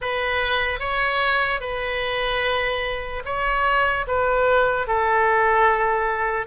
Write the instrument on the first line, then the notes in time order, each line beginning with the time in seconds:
oboe
0.01 B4
0.79 C#5
1.60 B4
3.25 C#5
4.07 B4
4.87 A4